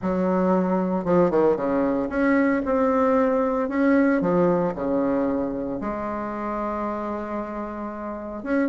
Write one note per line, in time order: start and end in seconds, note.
0.02 1.04 F#3
1.04 1.30 F3
1.30 1.56 D#3
1.56 2.09 C#3
2.09 2.61 C#4
2.65 3.68 C4
3.68 4.21 C#4
4.21 4.73 F3
4.74 5.79 C#3
5.81 8.43 G#3
8.43 8.68 C#4